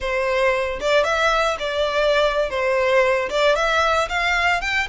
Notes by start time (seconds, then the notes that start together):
0.00 C5
0.80 D5
1.04 E5
1.59 D5
2.50 C5
3.29 D5
3.55 E5
4.08 F5
4.61 G5